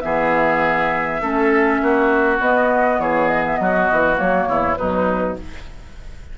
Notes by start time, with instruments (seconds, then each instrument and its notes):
0.00 bassoon E3, clarinet B3, oboe G#4, flute E5
1.21 bassoon A3, clarinet C#4, oboe A4
1.82 bassoon A#3, oboe F#4
2.39 clarinet B3, bassoon B3, flute D#5
2.99 bassoon E3, oboe G#4, flute C#5
3.28 flute D#5
3.46 flute E5
3.56 bassoon F#3, oboe F#4, flute D#5
3.91 bassoon E3
4.15 bassoon F#3, clarinet A#3, flute C#5
4.46 bassoon E2, oboe E4
4.77 bassoon B2, clarinet F#3, oboe D#4, flute B4